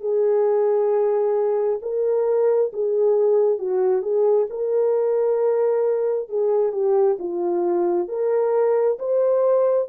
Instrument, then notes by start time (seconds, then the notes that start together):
horn
0.00 G#4
1.82 A#4
2.73 G#4
3.59 F#4
4.02 G#4
4.50 A#4
6.29 G#4
6.72 G4
7.19 F4
8.08 A#4
8.99 C5